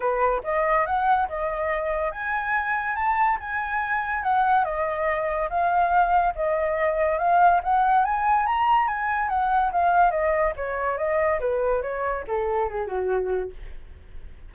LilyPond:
\new Staff \with { instrumentName = "flute" } { \time 4/4 \tempo 4 = 142 b'4 dis''4 fis''4 dis''4~ | dis''4 gis''2 a''4 | gis''2 fis''4 dis''4~ | dis''4 f''2 dis''4~ |
dis''4 f''4 fis''4 gis''4 | ais''4 gis''4 fis''4 f''4 | dis''4 cis''4 dis''4 b'4 | cis''4 a'4 gis'8 fis'4. | }